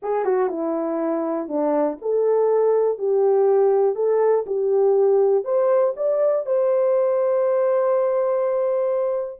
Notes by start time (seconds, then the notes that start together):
0.02 G#4
0.25 F#4
0.49 E4
1.47 D4
2.01 A4
2.98 G4
3.95 A4
4.46 G4
5.44 C5
5.96 D5
6.46 C5